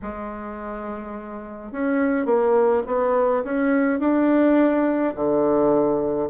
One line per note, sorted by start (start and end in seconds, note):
0.02 1.71 G#3
1.71 2.25 C#4
2.25 2.82 A#3
2.86 3.43 B3
3.44 3.99 C#4
3.99 5.14 D4
5.15 6.29 D3